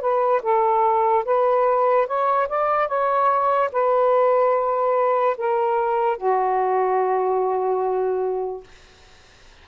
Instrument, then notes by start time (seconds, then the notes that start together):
saxophone
0.00 B4
0.42 A4
1.25 B4
2.07 C#5
2.48 D5
2.88 C#5
3.72 B4
5.37 A#4
6.17 F#4